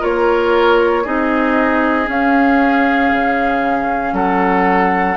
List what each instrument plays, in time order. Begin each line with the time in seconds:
0.00 bassoon A#3, clarinet F4, oboe A#4, flute C#5
1.04 bassoon C4, clarinet D#4, oboe G#4, flute D#5
2.06 clarinet C#4, bassoon C#4, flute F5
3.11 bassoon C#3
4.13 bassoon F#3, oboe A4, flute F#5